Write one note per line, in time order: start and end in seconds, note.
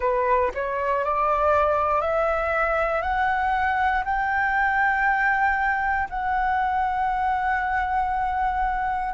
0.00 0.51 B4
0.54 1.04 C#5
1.04 2.01 D5
2.01 3.02 E5
3.02 4.04 F#5
4.04 6.08 G5
6.09 9.14 F#5